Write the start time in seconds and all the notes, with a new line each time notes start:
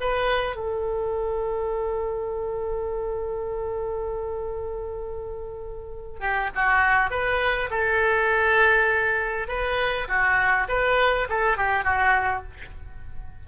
0.00 B4
0.56 A4
6.20 G4
6.55 F#4
7.10 B4
7.70 A4
9.48 B4
10.08 F#4
10.68 B4
11.29 A4
11.57 G4
11.84 F#4